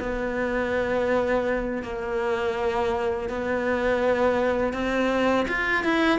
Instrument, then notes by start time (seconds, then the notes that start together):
cello
0.00 B3
1.83 A#3
3.30 B3
4.74 C4
5.48 F4
5.84 E4